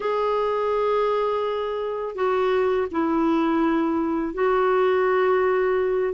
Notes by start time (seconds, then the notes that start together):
0.00 G#4
2.15 F#4
2.91 E4
4.34 F#4